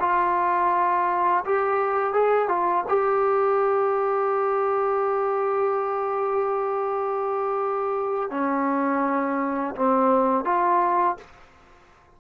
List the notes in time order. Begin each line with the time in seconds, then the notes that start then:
0.00 F4
1.45 G4
2.14 G#4
2.48 F4
2.88 G4
8.31 C#4
9.76 C4
10.45 F4